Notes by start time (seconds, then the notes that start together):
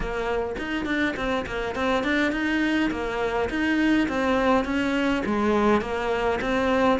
0.00 A#3
0.58 D#4
0.85 D4
1.16 C4
1.46 A#3
1.75 C4
2.03 D4
2.32 D#4
2.90 A#3
3.49 D#4
4.08 C4
4.64 C#4
5.25 G#3
5.81 A#3
6.41 C4